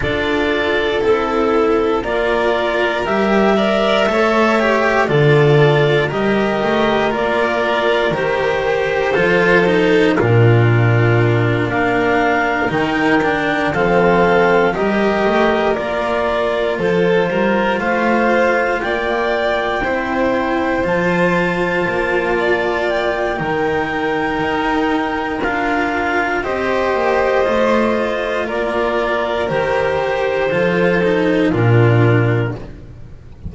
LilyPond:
<<
  \new Staff \with { instrumentName = "clarinet" } { \time 4/4 \tempo 4 = 59 d''4 a'4 d''4 e''4~ | e''4 d''4 dis''4 d''4 | c''2 ais'4. f''8~ | f''8 g''4 f''4 dis''4 d''8~ |
d''8 c''4 f''4 g''4.~ | g''8 a''2 g''4.~ | g''4 f''4 dis''2 | d''4 c''2 ais'4 | }
  \new Staff \with { instrumentName = "violin" } { \time 4/4 a'2 ais'4. d''8 | cis''4 a'4 ais'2~ | ais'4 a'4 f'4. ais'8~ | ais'4. a'4 ais'4.~ |
ais'8 a'8 ais'8 c''4 d''4 c''8~ | c''2 d''4 ais'4~ | ais'2 c''2 | ais'2 a'4 f'4 | }
  \new Staff \with { instrumentName = "cello" } { \time 4/4 f'4 e'4 f'4 g'8 ais'8 | a'8 g'8 f'4 g'4 f'4 | g'4 f'8 dis'8 d'2~ | d'8 dis'8 d'8 c'4 g'4 f'8~ |
f'2.~ f'8 e'8~ | e'8 f'2~ f'8 dis'4~ | dis'4 f'4 g'4 f'4~ | f'4 g'4 f'8 dis'8 d'4 | }
  \new Staff \with { instrumentName = "double bass" } { \time 4/4 d'4 c'4 ais4 g4 | a4 d4 g8 a8 ais4 | dis4 f4 ais,4. ais8~ | ais8 dis4 f4 g8 a8 ais8~ |
ais8 f8 g8 a4 ais4 c'8~ | c'8 f4 ais4. dis4 | dis'4 d'4 c'8 ais8 a4 | ais4 dis4 f4 ais,4 | }
>>